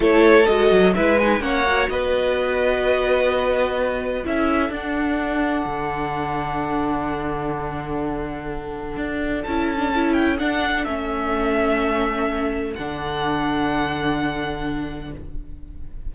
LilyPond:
<<
  \new Staff \with { instrumentName = "violin" } { \time 4/4 \tempo 4 = 127 cis''4 dis''4 e''8 gis''8 fis''4 | dis''1~ | dis''4 e''4 fis''2~ | fis''1~ |
fis''1 | a''4. g''8 fis''4 e''4~ | e''2. fis''4~ | fis''1 | }
  \new Staff \with { instrumentName = "violin" } { \time 4/4 a'2 b'4 cis''4 | b'1~ | b'4 a'2.~ | a'1~ |
a'1~ | a'1~ | a'1~ | a'1 | }
  \new Staff \with { instrumentName = "viola" } { \time 4/4 e'4 fis'4 e'8 dis'8 cis'8 fis'8~ | fis'1~ | fis'4 e'4 d'2~ | d'1~ |
d'1 | e'8. d'16 e'4 d'4 cis'4~ | cis'2. d'4~ | d'1 | }
  \new Staff \with { instrumentName = "cello" } { \time 4/4 a4 gis8 fis8 gis4 ais4 | b1~ | b4 cis'4 d'2 | d1~ |
d2. d'4 | cis'2 d'4 a4~ | a2. d4~ | d1 | }
>>